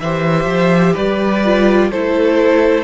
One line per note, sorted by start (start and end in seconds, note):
0.00 0.45 E3
0.00 1.44 G4
0.00 0.93 C5
0.00 0.95 E5
0.45 0.93 F3
0.93 1.91 G3
0.93 1.88 B4
0.93 1.90 D5
1.44 1.92 F4
1.90 2.84 A3
1.90 2.84 E4
1.90 2.84 A4
1.90 2.84 C5